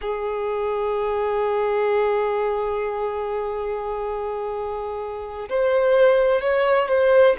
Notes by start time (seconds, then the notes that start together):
0.01 G#4
5.49 C5
6.41 C#5
6.88 C5